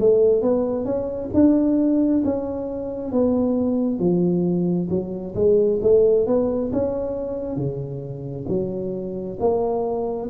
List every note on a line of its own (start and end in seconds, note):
0.00 0.42 A3
0.42 0.85 B3
0.85 1.30 C#4
1.34 2.23 D4
2.25 3.12 C#4
3.12 3.99 B3
3.99 4.88 F3
4.90 5.34 F#3
5.35 5.80 G#3
5.82 6.26 A3
6.26 6.71 B3
6.72 7.56 C#4
7.56 8.46 C#3
8.48 9.38 F#3
9.40 10.29 A#3